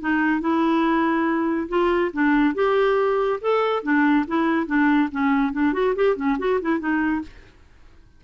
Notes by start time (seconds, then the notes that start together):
0.00 D#4
0.40 E4
1.68 F4
2.13 D4
2.55 G4
3.41 A4
3.83 D4
4.27 E4
4.66 D4
5.11 C#4
5.53 D4
5.73 F#4
5.95 G4
6.16 C#4
6.38 F#4
6.61 E4
6.79 D#4